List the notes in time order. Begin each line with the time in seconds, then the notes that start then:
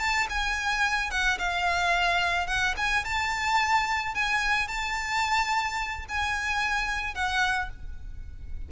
0.00 A5
0.30 G#5
1.11 F#5
1.39 F5
2.47 F#5
2.78 G#5
3.05 A5
4.15 G#5
4.68 A5
6.09 G#5
7.15 F#5